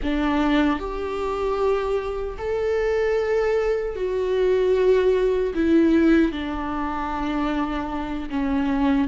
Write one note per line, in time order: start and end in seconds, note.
0.03 0.79 D4
0.79 2.37 G4
2.38 3.95 A4
3.95 5.53 F#4
5.54 6.32 E4
6.32 8.29 D4
8.30 9.08 C#4